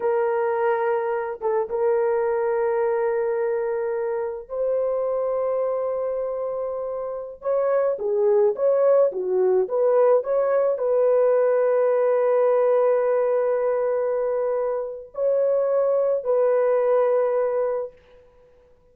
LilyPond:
\new Staff \with { instrumentName = "horn" } { \time 4/4 \tempo 4 = 107 ais'2~ ais'8 a'8 ais'4~ | ais'1 | c''1~ | c''4~ c''16 cis''4 gis'4 cis''8.~ |
cis''16 fis'4 b'4 cis''4 b'8.~ | b'1~ | b'2. cis''4~ | cis''4 b'2. | }